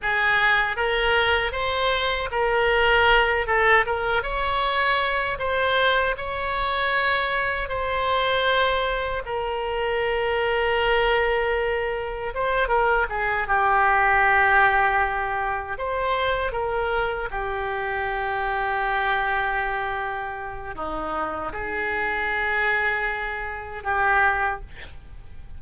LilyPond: \new Staff \with { instrumentName = "oboe" } { \time 4/4 \tempo 4 = 78 gis'4 ais'4 c''4 ais'4~ | ais'8 a'8 ais'8 cis''4. c''4 | cis''2 c''2 | ais'1 |
c''8 ais'8 gis'8 g'2~ g'8~ | g'8 c''4 ais'4 g'4.~ | g'2. dis'4 | gis'2. g'4 | }